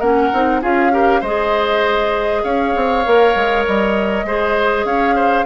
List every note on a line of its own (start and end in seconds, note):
0.00 0.30 A#3
0.00 0.33 C#4
0.00 0.61 A#4
0.00 0.61 F#5
0.33 0.63 C4
0.33 0.62 D#4
0.62 1.22 C#4
0.62 0.92 F4
0.62 0.92 G#4
0.62 1.23 F5
0.92 1.22 G4
0.92 1.21 A#4
1.21 2.43 G#3
1.21 3.05 G#4
1.21 2.42 C5
1.21 2.44 D#5
2.44 2.75 C#4
2.44 4.26 C#5
2.44 3.65 F5
2.76 3.06 C4
3.05 3.36 A#3
3.05 4.27 A#4
3.36 3.66 G#3
3.66 4.24 G3
3.66 4.86 D#5
4.24 4.85 G#3
4.24 5.46 G#4
4.24 4.86 C5
4.85 5.45 C#4
4.85 5.15 C#5
4.85 5.46 F5
5.15 5.46 C5